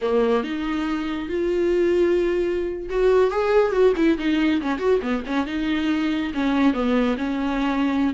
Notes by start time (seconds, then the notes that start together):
0.01 A#3
0.43 D#4
1.28 F4
2.89 F#4
3.30 G#4
3.71 F#4
3.96 E4
4.17 D#4
4.61 C#4
4.78 F#4
5.02 B3
5.26 C#4
5.46 D#4
6.34 C#4
6.73 B3
7.17 C#4